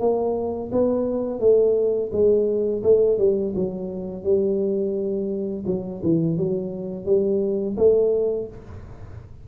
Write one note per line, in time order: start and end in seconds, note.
0.00 0.71 A#3
0.72 1.40 B3
1.40 2.10 A3
2.12 2.83 G#3
2.83 3.19 A3
3.19 3.54 G3
3.56 4.23 F#3
4.23 5.64 G3
5.66 6.02 F#3
6.03 6.37 E3
6.37 7.06 F#3
7.06 7.76 G3
7.77 8.48 A3